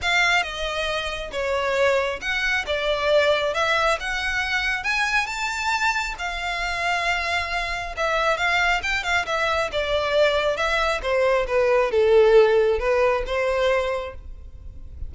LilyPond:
\new Staff \with { instrumentName = "violin" } { \time 4/4 \tempo 4 = 136 f''4 dis''2 cis''4~ | cis''4 fis''4 d''2 | e''4 fis''2 gis''4 | a''2 f''2~ |
f''2 e''4 f''4 | g''8 f''8 e''4 d''2 | e''4 c''4 b'4 a'4~ | a'4 b'4 c''2 | }